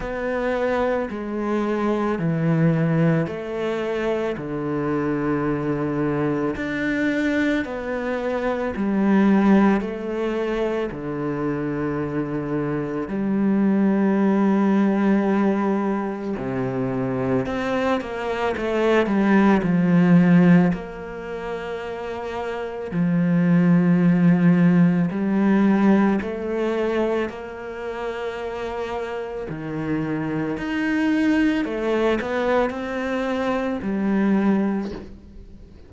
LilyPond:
\new Staff \with { instrumentName = "cello" } { \time 4/4 \tempo 4 = 55 b4 gis4 e4 a4 | d2 d'4 b4 | g4 a4 d2 | g2. c4 |
c'8 ais8 a8 g8 f4 ais4~ | ais4 f2 g4 | a4 ais2 dis4 | dis'4 a8 b8 c'4 g4 | }